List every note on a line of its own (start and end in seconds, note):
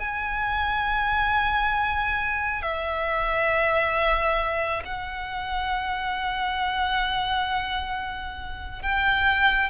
0.00 2.63 G#5
2.63 4.83 E5
4.86 8.83 F#5
8.83 9.70 G5